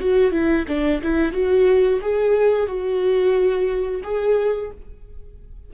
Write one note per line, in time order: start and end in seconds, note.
0.00 0.32 F#4
0.32 0.66 E4
0.68 1.02 D4
1.03 1.33 E4
1.33 2.00 F#4
2.02 2.67 G#4
2.67 4.02 F#4
4.04 4.71 G#4